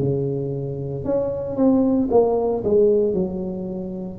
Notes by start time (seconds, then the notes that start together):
0.00 C#3
1.05 C#4
1.56 C4
2.11 A#3
2.65 G#3
3.14 F#3